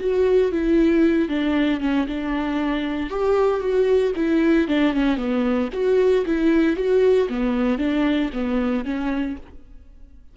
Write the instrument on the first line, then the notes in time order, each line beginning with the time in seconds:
viola
0.00 F#4
0.52 E4
1.29 D4
1.80 C#4
2.07 D4
3.10 G4
3.60 F#4
4.16 E4
4.68 D4
4.93 C#4
5.17 B3
5.73 F#4
6.26 E4
6.76 F#4
7.29 B3
7.78 D4
8.33 B3
8.85 C#4